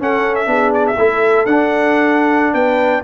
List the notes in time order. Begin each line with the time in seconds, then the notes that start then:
0.00 C#4 A4 F#5
0.35 E5
0.47 B3 D4 G#4
0.74 D5
0.87 E5
0.97 A3 E4 A4
1.46 D4 F#5
2.54 B3 B4 G5